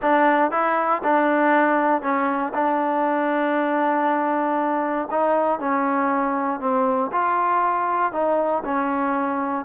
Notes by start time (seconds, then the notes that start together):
0.02 D4
0.51 E4
1.03 D4
2.02 C#4
2.54 D4
5.10 D#4
5.59 C#4
6.60 C4
7.12 F4
8.12 D#4
8.64 C#4